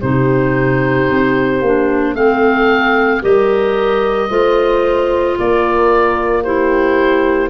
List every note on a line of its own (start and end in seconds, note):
0.00 1.09 C3
0.00 1.62 D#4
0.00 2.14 G4
0.00 2.15 C5
1.10 1.61 C4
1.61 2.14 A#3
1.61 2.15 D4
2.14 3.21 A3
2.14 3.22 C4
2.14 3.22 A4
2.14 3.22 F5
3.22 4.30 G3
3.22 4.29 G4
3.22 4.29 A#4
3.22 5.38 D#5
4.29 5.37 A3
4.29 6.44 F4
4.29 5.36 C5
5.39 7.50 A#3
5.39 6.44 A#4
5.39 6.44 D5
6.44 7.50 E4
6.44 7.50 G4
6.44 7.50 C5